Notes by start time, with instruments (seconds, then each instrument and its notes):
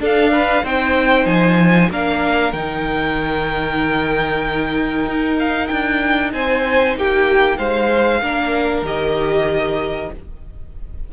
0.00 cello D4, viola D4, violin A4 F5
0.33 violin B4
0.64 cello C4, viola D#4, violin C5 G5
1.26 cello F3, violin G#5
1.90 cello A#3, viola D4, violin A#4 F5
2.53 cello D#3, viola D#4, violin G5
5.07 cello D#4
5.40 violin F5
5.68 cello D4, violin G5
6.33 cello C4, violin C5 G#5
6.96 cello A#3, violin G4 G5
7.58 cello G#3, violin C5 F5
8.22 cello A#3, viola D4, violin A#4
8.82 cello D#3, viola G4, violin D#5